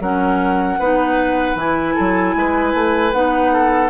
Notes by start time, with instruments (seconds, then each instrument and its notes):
0.00 bassoon F#3, clarinet C#4, oboe A#4, flute F#5
0.79 bassoon B3, clarinet D#4, oboe B4
1.55 bassoon E3, clarinet E4, flute G#5
1.95 bassoon F#3, oboe A4
2.35 bassoon G#3, oboe B4
2.74 bassoon A3
3.13 bassoon B3, clarinet D#4, flute F#5
3.53 oboe A4